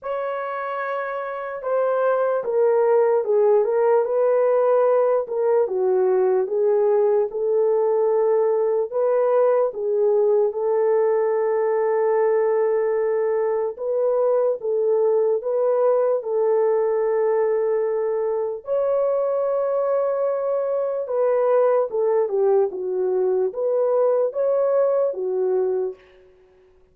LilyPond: \new Staff \with { instrumentName = "horn" } { \time 4/4 \tempo 4 = 74 cis''2 c''4 ais'4 | gis'8 ais'8 b'4. ais'8 fis'4 | gis'4 a'2 b'4 | gis'4 a'2.~ |
a'4 b'4 a'4 b'4 | a'2. cis''4~ | cis''2 b'4 a'8 g'8 | fis'4 b'4 cis''4 fis'4 | }